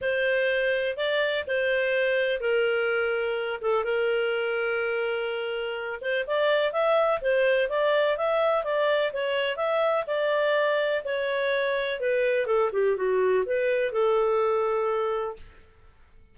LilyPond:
\new Staff \with { instrumentName = "clarinet" } { \time 4/4 \tempo 4 = 125 c''2 d''4 c''4~ | c''4 ais'2~ ais'8 a'8 | ais'1~ | ais'8 c''8 d''4 e''4 c''4 |
d''4 e''4 d''4 cis''4 | e''4 d''2 cis''4~ | cis''4 b'4 a'8 g'8 fis'4 | b'4 a'2. | }